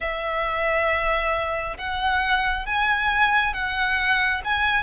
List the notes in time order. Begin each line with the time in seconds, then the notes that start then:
0.00 E5
1.77 F#5
2.66 G#5
3.53 F#5
4.44 G#5